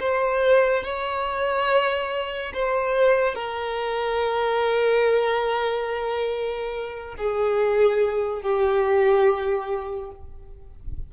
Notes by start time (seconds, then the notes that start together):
0.00 C5
0.83 C#5
2.54 C5
3.35 A#4
7.18 G#4
8.42 G4